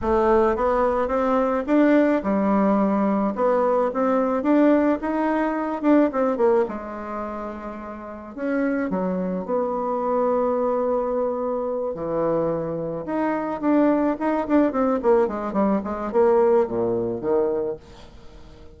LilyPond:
\new Staff \with { instrumentName = "bassoon" } { \time 4/4 \tempo 4 = 108 a4 b4 c'4 d'4 | g2 b4 c'4 | d'4 dis'4. d'8 c'8 ais8 | gis2. cis'4 |
fis4 b2.~ | b4. e2 dis'8~ | dis'8 d'4 dis'8 d'8 c'8 ais8 gis8 | g8 gis8 ais4 ais,4 dis4 | }